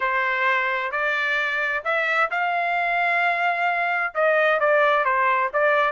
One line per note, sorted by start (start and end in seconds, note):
0.00 0.91 C5
0.91 1.83 D5
1.84 2.30 E5
2.30 4.13 F5
4.14 4.60 D#5
4.60 5.04 D5
5.04 5.50 C5
5.53 5.92 D5